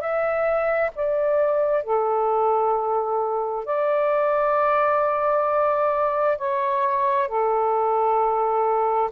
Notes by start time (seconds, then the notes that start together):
0.00 E5
0.95 D5
1.83 A4
3.65 D5
6.38 C#5
7.28 A4